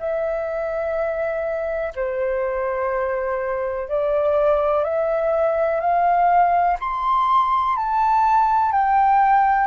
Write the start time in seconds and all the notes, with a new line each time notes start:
0.00 E5
1.96 C5
3.89 D5
4.84 E5
5.81 F5
6.80 C6
7.77 A5
8.72 G5